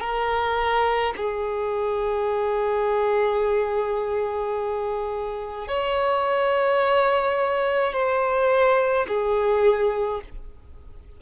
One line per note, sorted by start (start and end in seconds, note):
0.00 1.13 A#4
1.17 5.68 G#4
5.68 7.93 C#5
7.93 9.06 C5
9.08 10.21 G#4